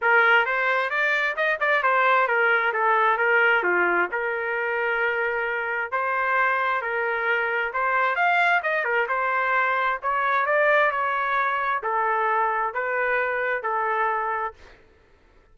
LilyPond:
\new Staff \with { instrumentName = "trumpet" } { \time 4/4 \tempo 4 = 132 ais'4 c''4 d''4 dis''8 d''8 | c''4 ais'4 a'4 ais'4 | f'4 ais'2.~ | ais'4 c''2 ais'4~ |
ais'4 c''4 f''4 dis''8 ais'8 | c''2 cis''4 d''4 | cis''2 a'2 | b'2 a'2 | }